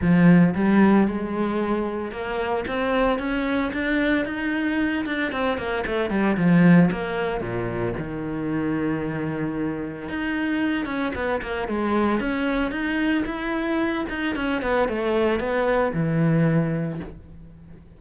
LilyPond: \new Staff \with { instrumentName = "cello" } { \time 4/4 \tempo 4 = 113 f4 g4 gis2 | ais4 c'4 cis'4 d'4 | dis'4. d'8 c'8 ais8 a8 g8 | f4 ais4 ais,4 dis4~ |
dis2. dis'4~ | dis'8 cis'8 b8 ais8 gis4 cis'4 | dis'4 e'4. dis'8 cis'8 b8 | a4 b4 e2 | }